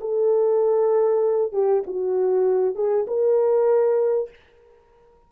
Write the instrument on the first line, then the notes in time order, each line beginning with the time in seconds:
horn
0.00 A4
1.52 G4
1.87 F#4
2.75 G#4
3.07 A#4